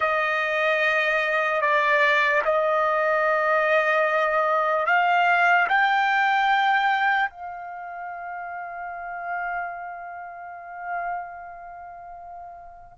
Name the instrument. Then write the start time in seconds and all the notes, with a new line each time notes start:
trumpet
0.00 D#5
1.61 D5
2.44 D#5
4.86 F5
5.68 G5
7.30 F5